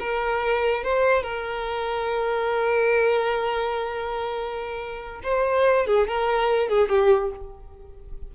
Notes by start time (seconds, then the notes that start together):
0.00 A#4
0.84 C5
1.23 A#4
5.24 C5
5.87 G#4
6.08 A#4
6.69 G#4
6.89 G4